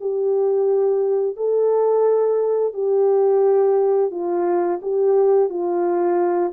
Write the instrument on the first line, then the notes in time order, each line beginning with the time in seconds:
horn
0.00 G4
1.36 A4
2.73 G4
4.11 F4
4.82 G4
5.49 F4